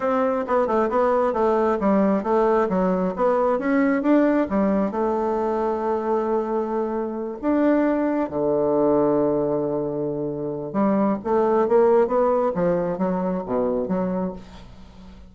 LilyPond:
\new Staff \with { instrumentName = "bassoon" } { \time 4/4 \tempo 4 = 134 c'4 b8 a8 b4 a4 | g4 a4 fis4 b4 | cis'4 d'4 g4 a4~ | a1~ |
a8 d'2 d4.~ | d1 | g4 a4 ais4 b4 | f4 fis4 b,4 fis4 | }